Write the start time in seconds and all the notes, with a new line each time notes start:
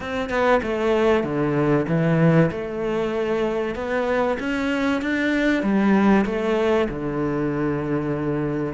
0.00 C4
0.29 B3
0.62 A3
1.23 D3
1.88 E3
2.51 A3
3.75 B3
4.39 C#4
5.01 D4
5.62 G3
6.25 A3
6.89 D3